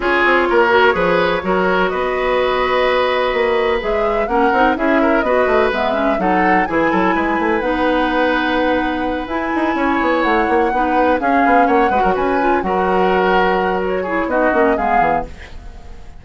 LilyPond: <<
  \new Staff \with { instrumentName = "flute" } { \time 4/4 \tempo 4 = 126 cis''1 | dis''1 | e''4 fis''4 e''4 dis''4 | e''4 fis''4 gis''2 |
fis''2.~ fis''8 gis''8~ | gis''4. fis''2 f''8~ | f''8 fis''4 gis''4 fis''4.~ | fis''4 cis''4 dis''4 f''4 | }
  \new Staff \with { instrumentName = "oboe" } { \time 4/4 gis'4 ais'4 b'4 ais'4 | b'1~ | b'4 ais'4 gis'8 ais'8 b'4~ | b'4 a'4 gis'8 a'8 b'4~ |
b'1~ | b'8 cis''2 b'4 gis'8~ | gis'8 cis''8 b'16 ais'16 b'4 ais'4.~ | ais'4. gis'8 fis'4 gis'4 | }
  \new Staff \with { instrumentName = "clarinet" } { \time 4/4 f'4. fis'8 gis'4 fis'4~ | fis'1 | gis'4 cis'8 dis'8 e'4 fis'4 | b8 cis'8 dis'4 e'2 |
dis'2.~ dis'8 e'8~ | e'2~ e'8 dis'4 cis'8~ | cis'4 fis'4 f'8 fis'4.~ | fis'4. e'8 dis'8 cis'8 b4 | }
  \new Staff \with { instrumentName = "bassoon" } { \time 4/4 cis'8 c'8 ais4 f4 fis4 | b2. ais4 | gis4 ais8 c'8 cis'4 b8 a8 | gis4 fis4 e8 fis8 gis8 a8 |
b2.~ b8 e'8 | dis'8 cis'8 b8 a8 ais8 b4 cis'8 | b8 ais8 gis16 fis16 cis'4 fis4.~ | fis2 b8 ais8 gis8 e8 | }
>>